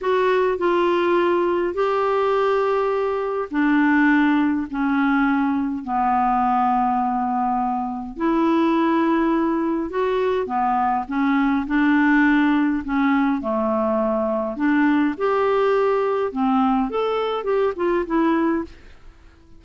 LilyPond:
\new Staff \with { instrumentName = "clarinet" } { \time 4/4 \tempo 4 = 103 fis'4 f'2 g'4~ | g'2 d'2 | cis'2 b2~ | b2 e'2~ |
e'4 fis'4 b4 cis'4 | d'2 cis'4 a4~ | a4 d'4 g'2 | c'4 a'4 g'8 f'8 e'4 | }